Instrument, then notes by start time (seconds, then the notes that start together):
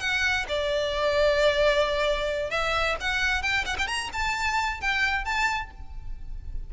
violin
0.00 F#5
0.48 D5
2.50 E5
3.00 F#5
3.42 G5
3.65 F#5
3.78 G5
3.87 A#5
4.13 A5
4.81 G5
5.25 A5